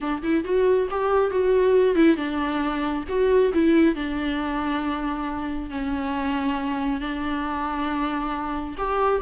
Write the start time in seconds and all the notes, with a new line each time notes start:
0.00 D4
0.22 E4
0.44 F#4
0.90 G4
1.30 F#4
1.95 E4
2.16 D4
3.08 F#4
3.53 E4
3.95 D4
5.69 C#4
7.00 D4
8.77 G4